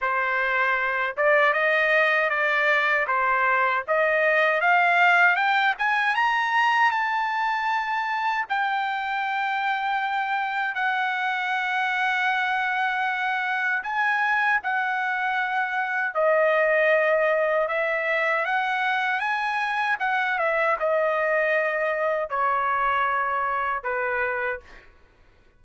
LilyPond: \new Staff \with { instrumentName = "trumpet" } { \time 4/4 \tempo 4 = 78 c''4. d''8 dis''4 d''4 | c''4 dis''4 f''4 g''8 gis''8 | ais''4 a''2 g''4~ | g''2 fis''2~ |
fis''2 gis''4 fis''4~ | fis''4 dis''2 e''4 | fis''4 gis''4 fis''8 e''8 dis''4~ | dis''4 cis''2 b'4 | }